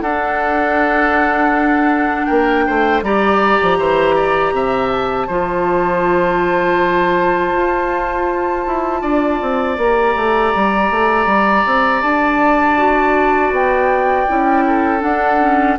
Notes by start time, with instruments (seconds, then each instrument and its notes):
0.00 bassoon D4, clarinet D4, oboe A4, flute F#5
2.25 bassoon A#3, oboe A#4, flute G5
2.66 bassoon A3, oboe C5
3.02 bassoon G3, clarinet G4, oboe D5, flute A#5
3.61 bassoon F3
3.78 bassoon E3, oboe C5
4.15 oboe D5
4.52 bassoon C3, oboe E5
4.90 flute A5
5.27 bassoon F3, clarinet F4, oboe C5
7.52 bassoon F4
8.66 bassoon E4
9.01 bassoon D4, oboe D5
9.41 bassoon C4
9.77 bassoon A#3, clarinet G4, flute A#5
10.15 bassoon A3
10.54 bassoon G3
10.90 bassoon A3
11.26 bassoon G3
11.65 bassoon C4
12.02 bassoon D4, flute A5
12.77 clarinet F#4
13.50 bassoon B3, flute G5
14.27 bassoon C#4, clarinet E4
14.66 oboe A4
14.99 clarinet D4, bassoon D4, flute F#5
15.40 clarinet C#4